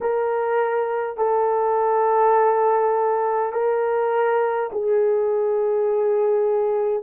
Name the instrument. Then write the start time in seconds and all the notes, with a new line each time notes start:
horn
0.00 A#4
1.17 A4
3.52 A#4
4.72 G#4